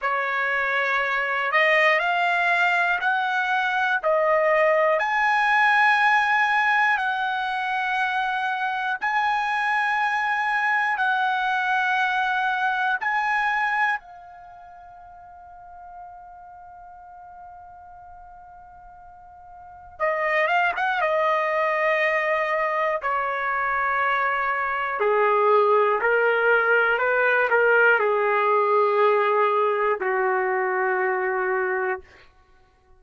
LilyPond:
\new Staff \with { instrumentName = "trumpet" } { \time 4/4 \tempo 4 = 60 cis''4. dis''8 f''4 fis''4 | dis''4 gis''2 fis''4~ | fis''4 gis''2 fis''4~ | fis''4 gis''4 f''2~ |
f''1 | dis''8 f''16 fis''16 dis''2 cis''4~ | cis''4 gis'4 ais'4 b'8 ais'8 | gis'2 fis'2 | }